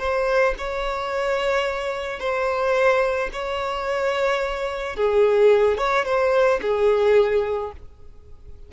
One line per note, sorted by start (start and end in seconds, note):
0.00 0.55 C5
0.58 2.20 C#5
2.20 3.30 C5
3.33 4.97 C#5
4.97 5.78 G#4
5.78 6.06 C#5
6.06 6.61 C5
6.62 7.72 G#4